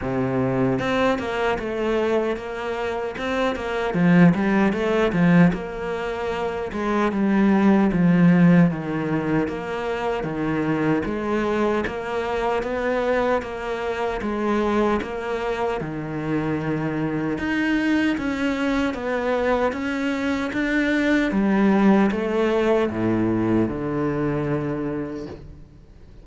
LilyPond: \new Staff \with { instrumentName = "cello" } { \time 4/4 \tempo 4 = 76 c4 c'8 ais8 a4 ais4 | c'8 ais8 f8 g8 a8 f8 ais4~ | ais8 gis8 g4 f4 dis4 | ais4 dis4 gis4 ais4 |
b4 ais4 gis4 ais4 | dis2 dis'4 cis'4 | b4 cis'4 d'4 g4 | a4 a,4 d2 | }